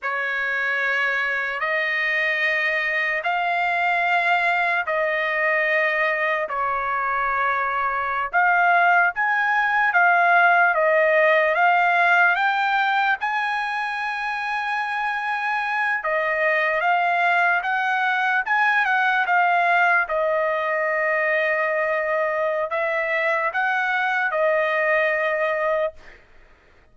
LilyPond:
\new Staff \with { instrumentName = "trumpet" } { \time 4/4 \tempo 4 = 74 cis''2 dis''2 | f''2 dis''2 | cis''2~ cis''16 f''4 gis''8.~ | gis''16 f''4 dis''4 f''4 g''8.~ |
g''16 gis''2.~ gis''8 dis''16~ | dis''8. f''4 fis''4 gis''8 fis''8 f''16~ | f''8. dis''2.~ dis''16 | e''4 fis''4 dis''2 | }